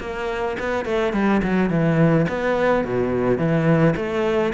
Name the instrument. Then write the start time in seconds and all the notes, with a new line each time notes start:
cello
0.00 A#3
0.59 B3
0.85 A3
1.13 G3
1.43 F#3
1.70 E3
2.28 B3
2.85 B2
3.38 E3
3.96 A3